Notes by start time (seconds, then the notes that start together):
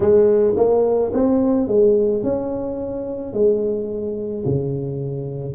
0.00 G#3
0.56 A#3
1.13 C4
1.67 G#3
2.23 C#4
3.33 G#3
4.45 C#3